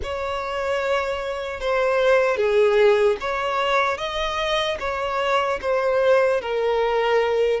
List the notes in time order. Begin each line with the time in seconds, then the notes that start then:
0.03 C#5
1.60 C5
2.36 G#4
3.20 C#5
3.97 D#5
4.79 C#5
5.61 C5
6.41 A#4